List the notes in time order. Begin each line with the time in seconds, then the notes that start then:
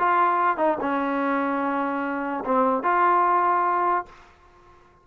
0.00 F4
0.58 D#4
0.81 C#4
2.45 C4
2.84 F4